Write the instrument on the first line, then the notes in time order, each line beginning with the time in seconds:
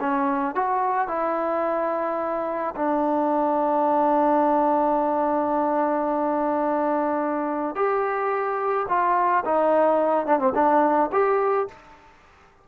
trombone
0.00 C#4
0.55 F#4
1.08 E4
2.76 D4
7.75 G4
8.88 F4
9.45 D#4
10.26 D4
10.39 C4
10.55 D4
11.12 G4